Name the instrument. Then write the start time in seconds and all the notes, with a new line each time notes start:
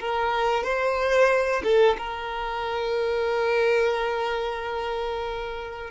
violin
0.00 A#4
0.63 C5
1.64 A4
1.98 A#4